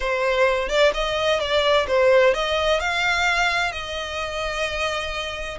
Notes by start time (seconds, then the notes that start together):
0.00 C5
0.68 D5
0.93 D#5
1.40 D5
1.87 C5
2.33 D#5
2.79 F5
3.71 D#5